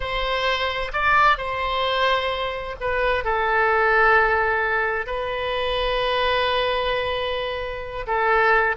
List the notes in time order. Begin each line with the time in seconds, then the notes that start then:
0.00 C5
0.93 D5
1.37 C5
2.80 B4
3.24 A4
5.06 B4
8.06 A4